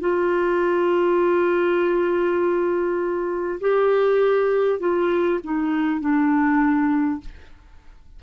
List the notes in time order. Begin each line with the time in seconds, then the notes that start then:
0.00 F4
3.60 G4
4.79 F4
5.43 D#4
6.00 D4